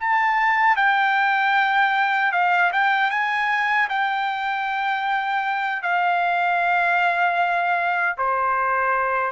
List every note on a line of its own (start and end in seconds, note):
0.00 0.77 A5
0.77 2.32 G5
2.32 2.71 F5
2.72 3.11 G5
3.11 3.89 G#5
3.89 5.83 G5
5.83 8.16 F5
8.17 9.32 C5